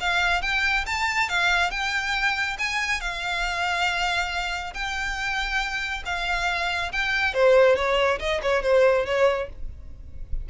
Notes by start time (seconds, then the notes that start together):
0.00 F5
0.41 G5
0.86 A5
1.29 F5
1.70 G5
2.58 G#5
3.01 F5
4.73 G5
6.05 F5
6.92 G5
7.34 C5
7.76 C#5
8.19 D#5
8.42 C#5
8.63 C5
9.05 C#5